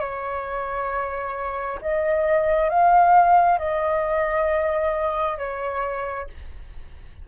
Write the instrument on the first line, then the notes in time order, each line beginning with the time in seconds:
flute
0.00 C#5
1.82 D#5
2.69 F5
3.59 D#5
5.38 C#5